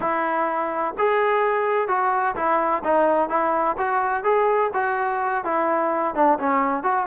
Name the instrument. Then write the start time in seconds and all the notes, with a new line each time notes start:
trombone
0.00 E4
0.98 G#4
1.87 F#4
2.35 E4
2.83 D#4
3.29 E4
3.77 F#4
4.23 G#4
4.73 F#4
5.44 E4
6.14 D4
6.39 C#4
6.83 F#4